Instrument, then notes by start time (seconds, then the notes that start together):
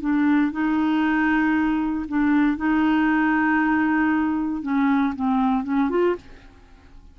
clarinet
0.00 D4
0.52 D#4
2.08 D4
2.57 D#4
4.62 C#4
5.15 C4
5.64 C#4
5.90 F4